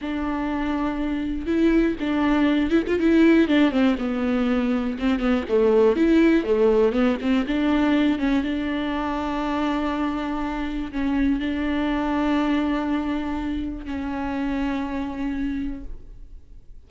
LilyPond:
\new Staff \with { instrumentName = "viola" } { \time 4/4 \tempo 4 = 121 d'2. e'4 | d'4. e'16 f'16 e'4 d'8 c'8 | b2 c'8 b8 a4 | e'4 a4 b8 c'8 d'4~ |
d'8 cis'8 d'2.~ | d'2 cis'4 d'4~ | d'1 | cis'1 | }